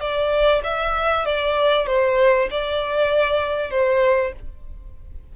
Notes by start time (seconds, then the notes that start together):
0.00 D5
0.64 E5
1.25 D5
1.87 C5
2.51 D5
3.71 C5